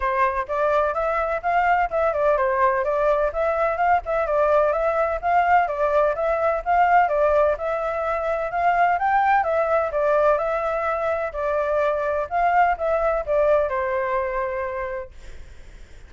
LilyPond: \new Staff \with { instrumentName = "flute" } { \time 4/4 \tempo 4 = 127 c''4 d''4 e''4 f''4 | e''8 d''8 c''4 d''4 e''4 | f''8 e''8 d''4 e''4 f''4 | d''4 e''4 f''4 d''4 |
e''2 f''4 g''4 | e''4 d''4 e''2 | d''2 f''4 e''4 | d''4 c''2. | }